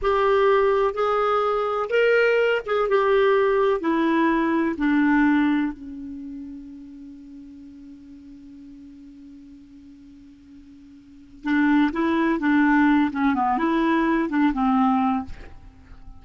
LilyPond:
\new Staff \with { instrumentName = "clarinet" } { \time 4/4 \tempo 4 = 126 g'2 gis'2 | ais'4. gis'8 g'2 | e'2 d'2 | cis'1~ |
cis'1~ | cis'1 | d'4 e'4 d'4. cis'8 | b8 e'4. d'8 c'4. | }